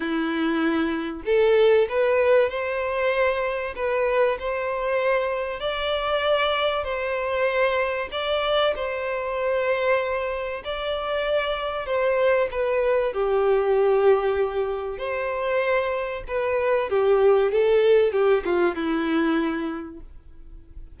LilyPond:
\new Staff \with { instrumentName = "violin" } { \time 4/4 \tempo 4 = 96 e'2 a'4 b'4 | c''2 b'4 c''4~ | c''4 d''2 c''4~ | c''4 d''4 c''2~ |
c''4 d''2 c''4 | b'4 g'2. | c''2 b'4 g'4 | a'4 g'8 f'8 e'2 | }